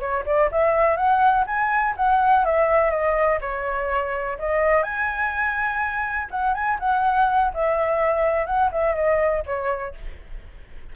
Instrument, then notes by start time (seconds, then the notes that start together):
flute
0.00 C#5
0.26 D5
0.52 E5
0.97 F#5
1.47 G#5
1.97 F#5
2.45 E5
2.91 D#5
3.41 C#5
4.39 D#5
4.83 G#5
6.31 F#5
6.54 G#5
6.80 F#5
7.54 E5
8.47 F#5
8.72 E5
8.96 D#5
9.46 C#5